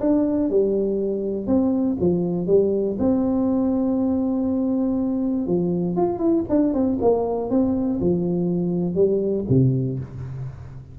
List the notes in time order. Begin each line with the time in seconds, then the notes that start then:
0.00 D4
0.50 G3
1.47 C4
2.00 F3
2.47 G3
2.99 C4
5.47 F3
5.97 F4
6.19 E4
6.49 D4
6.73 C4
7.01 A#3
7.50 C4
8.00 F3
8.95 G3
9.49 C3